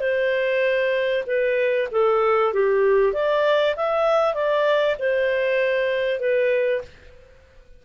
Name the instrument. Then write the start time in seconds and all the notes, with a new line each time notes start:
clarinet
0.00 C5
1.26 B4
1.91 A4
2.53 G4
3.13 D5
3.76 E5
4.34 D5
4.99 C5
6.20 B4